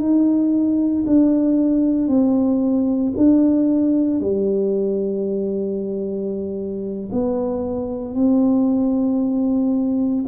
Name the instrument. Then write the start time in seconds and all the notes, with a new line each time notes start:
tuba
0.00 D#4
1.07 D4
2.09 C4
3.17 D4
4.21 G3
7.12 B3
8.15 C4